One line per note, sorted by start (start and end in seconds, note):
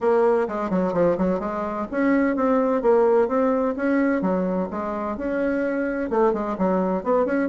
0.00 0.47 A#3
0.48 0.69 G#3
0.69 0.93 F#3
0.93 1.16 F3
1.17 1.39 F#3
1.39 1.86 G#3
1.91 2.36 C#4
2.36 2.82 C4
2.82 3.27 A#3
3.27 3.74 C4
3.76 4.21 C#4
4.21 4.68 F#3
4.70 5.17 G#3
5.17 6.10 C#4
6.10 6.33 A3
6.33 6.56 G#3
6.58 7.03 F#3
7.03 7.25 B3
7.25 7.49 C#4